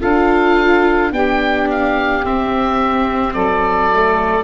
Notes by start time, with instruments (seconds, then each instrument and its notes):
0.00 tuba D4, viola F4, saxophone A4, oboe F5
1.11 tuba B3, viola D4, saxophone G4, oboe G5
1.70 oboe F5
2.23 viola C4, tuba C4, oboe E5
3.33 tuba F#3, saxophone A4, oboe D5
3.93 viola A3